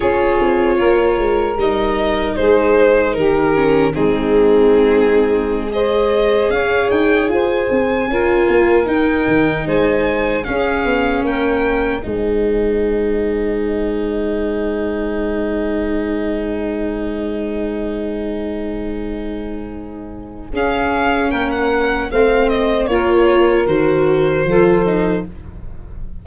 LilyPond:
<<
  \new Staff \with { instrumentName = "violin" } { \time 4/4 \tempo 4 = 76 cis''2 dis''4 c''4 | ais'4 gis'2~ gis'16 dis''8.~ | dis''16 f''8 g''8 gis''2 g''8.~ | g''16 gis''4 f''4 g''4 gis''8.~ |
gis''1~ | gis''1~ | gis''2 f''4 g''16 fis''8. | f''8 dis''8 cis''4 c''2 | }
  \new Staff \with { instrumentName = "saxophone" } { \time 4/4 gis'4 ais'2 gis'4 | g'4 dis'2~ dis'16 c''8.~ | c''16 cis''4 c''4 ais'4.~ ais'16~ | ais'16 c''4 gis'4 ais'4 c''8.~ |
c''1~ | c''1~ | c''2 gis'4 ais'4 | c''4 ais'2 a'4 | }
  \new Staff \with { instrumentName = "viola" } { \time 4/4 f'2 dis'2~ | dis'8 cis'8 c'2~ c'16 gis'8.~ | gis'2~ gis'16 f'4 dis'8.~ | dis'4~ dis'16 cis'2 dis'8.~ |
dis'1~ | dis'1~ | dis'2 cis'2 | c'4 f'4 fis'4 f'8 dis'8 | }
  \new Staff \with { instrumentName = "tuba" } { \time 4/4 cis'8 c'8 ais8 gis8 g4 gis4 | dis4 gis2.~ | gis16 cis'8 dis'8 f'8 c'8 cis'8 ais8 dis'8 dis16~ | dis16 gis4 cis'8 b8 ais4 gis8.~ |
gis1~ | gis1~ | gis2 cis'4 ais4 | a4 ais4 dis4 f4 | }
>>